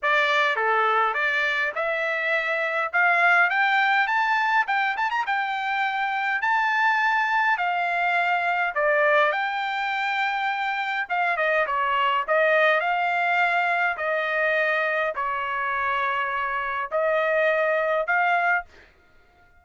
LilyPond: \new Staff \with { instrumentName = "trumpet" } { \time 4/4 \tempo 4 = 103 d''4 a'4 d''4 e''4~ | e''4 f''4 g''4 a''4 | g''8 a''16 ais''16 g''2 a''4~ | a''4 f''2 d''4 |
g''2. f''8 dis''8 | cis''4 dis''4 f''2 | dis''2 cis''2~ | cis''4 dis''2 f''4 | }